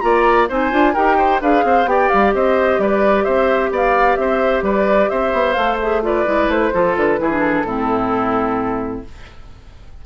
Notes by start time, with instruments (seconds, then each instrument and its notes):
0.00 bassoon A#3, clarinet F4, oboe D5, flute A#5
0.48 bassoon C4, clarinet D#4, oboe C5, flute G#5
0.70 bassoon D4, clarinet F4
0.93 bassoon D#4, clarinet G4, oboe A#4, flute G5
1.18 oboe C5
1.41 bassoon D4, clarinet G#4, oboe B4, flute F5
1.64 bassoon C4, oboe C5
1.85 bassoon B3, clarinet G4, oboe D5, flute G5
2.09 bassoon G3, flute F5
2.34 bassoon C4, oboe C5, flute D#5
2.78 bassoon G3, oboe B4, flute D5
3.24 bassoon C4, oboe C5, flute E5
3.70 bassoon B3, oboe D5, flute F5
4.16 bassoon C4, oboe C5, flute E5
4.62 bassoon G3, oboe B4, flute D5
5.09 bassoon C4, oboe C5, flute E5
5.33 bassoon B3
5.53 bassoon A3, clarinet A4, flute F5
5.80 clarinet G#4, flute E5
6.02 clarinet F4, oboe B4, flute D5
6.25 bassoon G#3, clarinet E4
6.48 bassoon A3, flute C5
6.73 bassoon F3, clarinet F4, oboe A4
6.96 bassoon D3, flute B4
7.19 bassoon E3, clarinet E4, oboe G#4
7.30 clarinet D4
7.40 flute A4
7.64 bassoon A2, clarinet C4, oboe E4